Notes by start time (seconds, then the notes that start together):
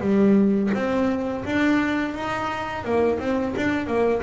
0.00 G3
0.74 C4
1.45 D4
2.14 D#4
2.84 A#3
3.19 C4
3.56 D4
3.87 A#3